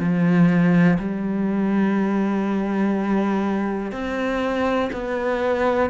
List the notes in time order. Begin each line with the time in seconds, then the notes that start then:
0.00 F3
0.99 G3
3.92 C4
4.93 B3